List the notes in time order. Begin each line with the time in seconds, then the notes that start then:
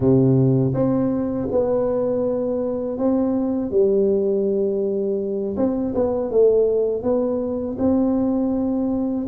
0.00 C3
0.74 C4
1.51 B3
2.98 C4
3.70 G3
5.57 C4
5.95 B3
6.30 A3
7.02 B3
7.78 C4